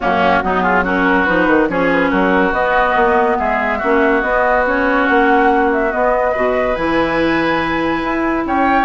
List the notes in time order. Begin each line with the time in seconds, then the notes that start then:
0.00 F#2 A#3 C#4 F#4
0.43 F#3 B3 D#4
0.61 F4 G#4
0.83 C#4 F#4 A#4
1.24 F3 D#4 B4
1.47 D#3
1.68 F3 C#4 G#4 C#5
1.92 B4
2.10 F#3 F#4 A#4
2.52 B3 D#5
2.95 A#3
3.38 G#3 G#4 E5
3.78 A#3 C#4 F#4
4.21 B3 D#5
4.66 C#4 C#5
5.06 A#3 F#5
5.72 E5
5.90 B3 D#5
6.32 B2 F#4 B4
6.75 E3 E4 G#5
8.03 E4
8.45 C#4 C#5 G5